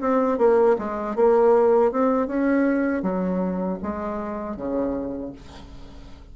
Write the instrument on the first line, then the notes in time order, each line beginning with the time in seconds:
bassoon
0.00 C4
0.37 A#3
0.78 G#3
1.15 A#3
1.91 C4
2.26 C#4
3.02 F#3
3.82 G#3
4.56 C#3